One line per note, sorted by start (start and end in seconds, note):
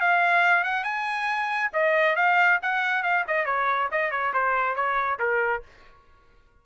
0.00 0.64 F5
0.64 0.84 F#5
0.84 1.71 G#5
1.73 2.16 D#5
2.16 2.59 F5
2.62 3.03 F#5
3.03 3.25 F5
3.27 3.45 D#5
3.45 3.89 C#5
3.91 4.11 D#5
4.11 4.33 C#5
4.33 4.75 C5
4.75 5.19 C#5
5.19 5.62 A#4